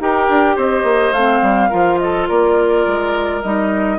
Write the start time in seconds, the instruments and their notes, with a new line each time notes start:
0.00 bassoon D#4, clarinet G4, oboe A#4, flute G5
0.29 bassoon D4
0.56 bassoon C4, oboe C5, flute D#5
0.84 bassoon A#3
1.13 bassoon A3, clarinet C4, flute F5
1.42 bassoon G3
1.70 bassoon F3, clarinet F4, oboe A#4
1.99 oboe A4, flute D#5
2.29 bassoon A#3, oboe A#4, flute D5
2.87 bassoon G#3
3.42 bassoon G3, clarinet D#4, flute D#5